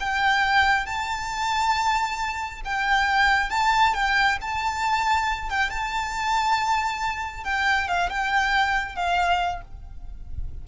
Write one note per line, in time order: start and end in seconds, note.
0.00 0.86 G5
0.86 2.61 A5
2.65 3.50 G5
3.50 3.94 A5
3.94 4.38 G5
4.41 5.50 A5
5.50 5.70 G5
5.70 7.44 A5
7.44 7.88 G5
7.88 8.09 F5
8.09 8.95 G5
8.95 9.61 F5